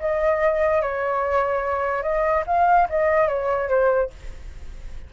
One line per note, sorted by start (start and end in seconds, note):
0.00 0.82 D#5
0.82 2.03 C#5
2.03 2.44 D#5
2.47 2.89 F5
2.90 3.28 D#5
3.28 3.69 C#5
3.69 4.11 C5